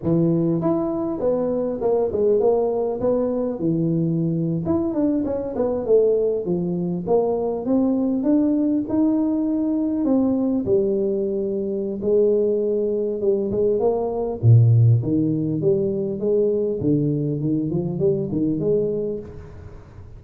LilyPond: \new Staff \with { instrumentName = "tuba" } { \time 4/4 \tempo 4 = 100 e4 e'4 b4 ais8 gis8 | ais4 b4 e4.~ e16 e'16~ | e'16 d'8 cis'8 b8 a4 f4 ais16~ | ais8. c'4 d'4 dis'4~ dis'16~ |
dis'8. c'4 g2~ g16 | gis2 g8 gis8 ais4 | ais,4 dis4 g4 gis4 | d4 dis8 f8 g8 dis8 gis4 | }